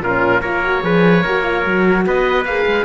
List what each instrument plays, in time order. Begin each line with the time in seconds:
0.00 cello A#2, horn C#4, trumpet F4, oboe A#4
0.41 cello A#3, horn F4, trumpet A#4, oboe C#5
0.64 horn F#4
0.82 cello F3, horn G#4, trumpet B4
1.23 cello A#3, horn F#4, trumpet A#4
1.43 horn F4
1.64 cello F#3, horn F#4
2.06 cello B3, trumpet B4, oboe D#5
2.45 cello A#3, horn G#4, oboe F5
2.66 cello G#3